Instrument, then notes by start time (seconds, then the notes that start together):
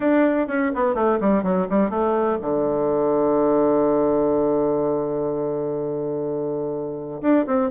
bassoon
0.00 D4
0.47 C#4
0.74 B3
0.94 A3
1.20 G3
1.43 F#3
1.69 G3
1.90 A3
2.41 D3
7.21 D4
7.46 C4